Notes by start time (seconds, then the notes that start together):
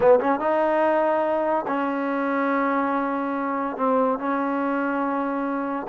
0.00 B3
0.20 C#4
0.39 D#4
1.67 C#4
3.76 C4
4.18 C#4